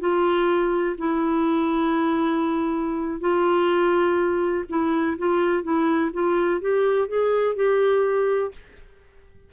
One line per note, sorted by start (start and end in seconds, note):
0.00 0.96 F4
0.98 3.20 E4
3.20 4.64 F4
4.69 5.17 E4
5.18 5.63 F4
5.63 6.11 E4
6.13 6.61 F4
6.61 7.08 G4
7.08 7.55 G#4
7.55 8.51 G4